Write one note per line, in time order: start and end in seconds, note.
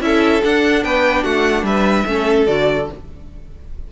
0.00 0.41 C#4
0.00 0.42 E4
0.00 0.83 A4
0.00 0.42 E5
0.43 2.06 D4
0.43 0.84 D4
0.43 0.84 F#5
0.83 1.24 B3
0.83 1.23 B4
0.83 1.24 G5
1.23 1.63 A3
1.23 1.64 F#4
1.23 1.64 F#5
1.63 2.04 G3
1.63 2.07 B4
1.63 2.47 E5
2.06 2.46 A3
2.06 2.47 C#4
2.06 2.92 A4
2.47 2.89 D3
2.47 2.89 F#4
2.47 2.87 D5